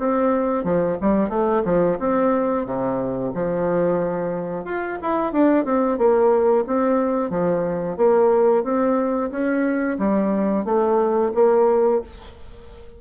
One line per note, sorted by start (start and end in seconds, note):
0.00 0.64 C4
0.64 0.98 F3
1.02 1.30 G3
1.30 1.63 A3
1.65 1.98 F3
2.00 2.66 C4
2.66 3.33 C3
3.35 4.65 F3
4.65 4.99 F4
5.03 5.33 E4
5.33 5.65 D4
5.65 5.98 C4
5.98 6.65 A#3
6.67 7.31 C4
7.31 7.97 F3
7.97 8.64 A#3
8.64 9.31 C4
9.31 9.98 C#4
9.99 10.65 G3
10.65 11.32 A3
11.35 12.02 A#3